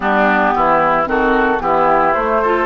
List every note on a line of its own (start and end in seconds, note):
0.00 0.53 G3
0.00 1.05 B3
0.00 0.54 D4
0.00 1.06 G4
0.55 1.06 E3
0.55 1.08 E4
1.05 1.60 D#3
1.05 1.58 C4
1.05 1.62 F#4
1.05 1.60 A4
1.59 2.14 E3
1.59 2.12 B3
1.59 2.42 E4
1.59 2.13 G4
2.13 2.66 A3
2.13 2.43 A3
2.13 2.66 C5
2.42 2.66 F4
2.42 2.66 A4